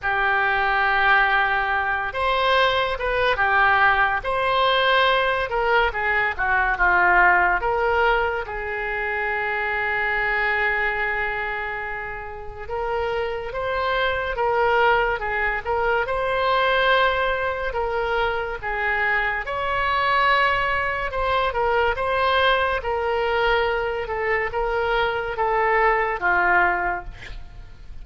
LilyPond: \new Staff \with { instrumentName = "oboe" } { \time 4/4 \tempo 4 = 71 g'2~ g'8 c''4 b'8 | g'4 c''4. ais'8 gis'8 fis'8 | f'4 ais'4 gis'2~ | gis'2. ais'4 |
c''4 ais'4 gis'8 ais'8 c''4~ | c''4 ais'4 gis'4 cis''4~ | cis''4 c''8 ais'8 c''4 ais'4~ | ais'8 a'8 ais'4 a'4 f'4 | }